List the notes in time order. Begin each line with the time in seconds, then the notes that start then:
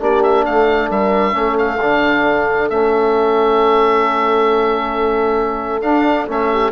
0.00 A#3 D4 G4 D5
0.23 E5
0.46 A3 A4 F5
0.90 G3 A#4 E5
1.32 A3 C#4 A4
1.58 F5
1.81 D3 D4
2.70 A3 C#4 E5
5.82 D4 F5
6.28 A3 C#4 E5
6.52 G4